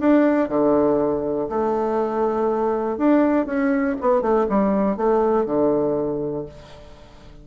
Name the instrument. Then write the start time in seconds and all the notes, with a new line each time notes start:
bassoon
0.00 D4
0.49 D3
1.49 A3
2.97 D4
3.46 C#4
4.01 B3
4.21 A3
4.49 G3
4.97 A3
5.46 D3